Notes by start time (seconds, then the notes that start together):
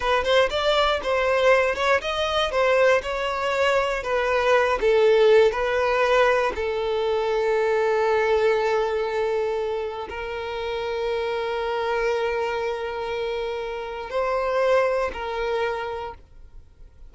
0.00 B4
0.24 C5
0.50 D5
1.02 C5
1.75 C#5
2.01 D#5
2.51 C5
3.02 C#5
4.03 B4
4.80 A4
5.51 B4
6.55 A4
10.09 A#4
14.10 C5
15.13 A#4